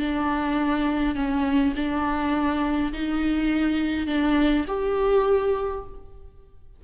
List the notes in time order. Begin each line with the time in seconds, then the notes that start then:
0.00 D4
1.15 C#4
1.76 D4
2.93 D#4
4.07 D4
4.68 G4